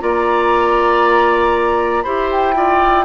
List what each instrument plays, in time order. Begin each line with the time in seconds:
0.00 bassoon A#3, clarinet F4, oboe D5, flute A#5
2.03 bassoon E4, clarinet G4, oboe C5, flute B5
2.31 flute G5
2.54 clarinet F4, oboe D5